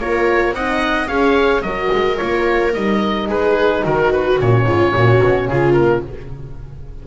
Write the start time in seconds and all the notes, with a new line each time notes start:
0.00 A#3 F4 A#4 C#5
0.52 C4 D#4 D#5 F#5
1.08 C#4 G#4 C#5 F5
1.62 F#3 F#4 A#4 D#5
1.93 G#3
2.18 A#3 F4 C#5
2.73 G3 D#4 D#5
3.28 G#3 G#4 B4
3.84 D#3 F#4 A#4
4.13 B4
4.40 A#2 C#4 C#5
4.67 G#2 F4
4.95 A#2 F#4
5.23 B2
5.49 C#3 F4 G#4
5.73 A#3 A#4